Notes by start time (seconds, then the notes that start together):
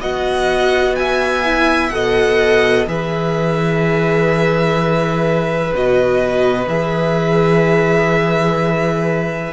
0.00 B3 F#4 D#5 F#5
0.95 E5 G#5
1.44 E4
1.89 B2 A4 D#5 F#5
2.86 E3 G#4 B4 E5
5.74 B2 F#4 D#5
6.67 E3 G#4 E5